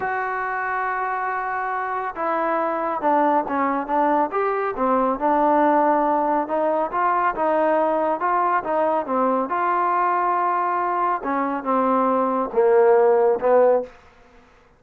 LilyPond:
\new Staff \with { instrumentName = "trombone" } { \time 4/4 \tempo 4 = 139 fis'1~ | fis'4 e'2 d'4 | cis'4 d'4 g'4 c'4 | d'2. dis'4 |
f'4 dis'2 f'4 | dis'4 c'4 f'2~ | f'2 cis'4 c'4~ | c'4 ais2 b4 | }